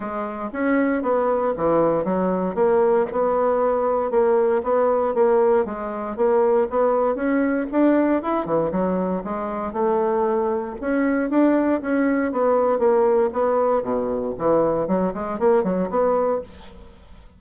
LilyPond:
\new Staff \with { instrumentName = "bassoon" } { \time 4/4 \tempo 4 = 117 gis4 cis'4 b4 e4 | fis4 ais4 b2 | ais4 b4 ais4 gis4 | ais4 b4 cis'4 d'4 |
e'8 e8 fis4 gis4 a4~ | a4 cis'4 d'4 cis'4 | b4 ais4 b4 b,4 | e4 fis8 gis8 ais8 fis8 b4 | }